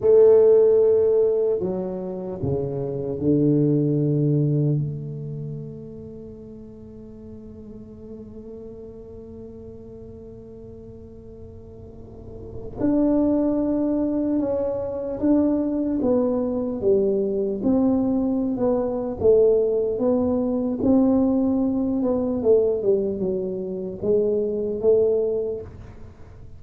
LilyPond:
\new Staff \with { instrumentName = "tuba" } { \time 4/4 \tempo 4 = 75 a2 fis4 cis4 | d2 a2~ | a1~ | a1 |
d'2 cis'4 d'4 | b4 g4 c'4~ c'16 b8. | a4 b4 c'4. b8 | a8 g8 fis4 gis4 a4 | }